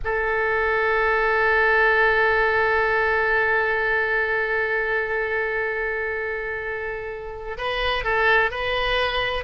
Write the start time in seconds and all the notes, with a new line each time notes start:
0.04 A4
7.57 B4
8.04 A4
8.50 B4